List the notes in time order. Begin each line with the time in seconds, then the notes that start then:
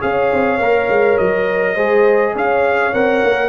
0.00 C#4 G#4 C#5 F5
0.33 C4
0.59 A#3 A#4
0.88 G#3
1.17 F#3 D#5
1.75 G#3 G#4 C5
2.34 C#4 C#5 F5
2.93 C4 A#4 F#5
3.24 A#3